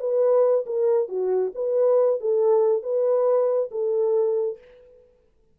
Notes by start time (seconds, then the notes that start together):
0.00 B4
0.66 A#4
1.08 F#4
1.55 B4
2.20 A4
2.83 B4
3.71 A4